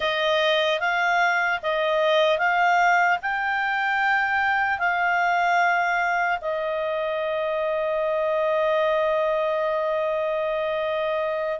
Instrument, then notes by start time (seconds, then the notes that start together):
clarinet
0.00 D#5
0.80 F5
1.62 D#5
2.38 F5
3.21 G5
4.78 F5
6.41 D#5